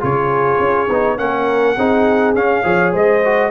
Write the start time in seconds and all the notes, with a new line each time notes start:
0.00 C#3 F4 G#4 C#5
0.59 C#4
0.90 B3 D#4
1.18 A#3 C#4 A#4 F#5
1.77 C4 D#4 G#4
2.35 C#4 F5
2.63 F3 G#4 C#5
2.92 G#3 C5 D#5
3.25 F#4